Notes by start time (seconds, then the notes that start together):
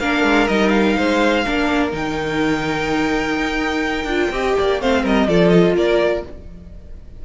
0.00 A#3 D4 A#4 F5
0.24 G#3
0.48 G3 D#4 D#5
0.70 F5
0.97 G#3 C5
1.45 A#3 D4 A#4
1.91 D#3 D#4 G5
3.37 D#4
4.05 D4 F4
4.31 C4 G4 D#5
4.59 A#3 D5
4.81 A3 C4 C5 F5
5.03 G3 A#4 D#5
5.28 F3 F4 A4 D5
5.50 D#5
5.75 A#3 A#4 D5